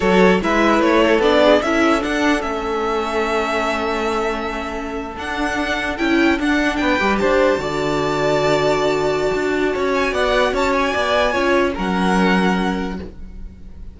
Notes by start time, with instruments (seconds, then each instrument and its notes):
0.00 cello F#3, viola F#4, violin A4 C#5
0.41 cello G#3, viola E4, violin B4 E5
0.79 cello A3, violin C#5
1.03 violin A4
1.19 cello B3, viola D4, violin D5
1.43 violin G#4
1.62 cello C#4, viola E4, violin A4 E5
2.00 viola D4, cello D4, violin F#5
2.40 cello A3, viola C#4, violin E5
5.17 viola D4, cello D4, violin F#5
5.97 cello C#4, viola E4, violin G5
6.39 cello D4, viola D4, violin F#5
6.76 cello B3, violin B4 G5
6.99 cello G3, viola G4
7.17 cello D4, violin C5 A5
7.57 cello D3, viola F#4, violin D5
9.34 cello D4
9.73 cello C#4, violin C#5
9.94 violin G#5
10.12 cello B3, violin D5 F#5
10.52 cello C#4, violin C#5 A5
10.72 violin G#5
10.93 cello B3, violin D5
11.31 cello C#4, viola F4, violin C#5
11.74 cello F#3, viola C#4, violin A#4 F#5